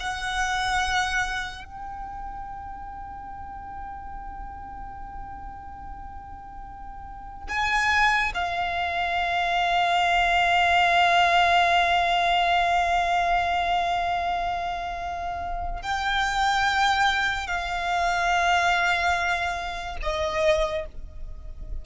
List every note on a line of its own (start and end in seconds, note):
0.00 1.65 F#5
1.65 7.48 G5
7.49 8.32 G#5
8.34 15.82 F5
15.82 17.47 G5
17.47 19.97 F5
20.02 20.86 D#5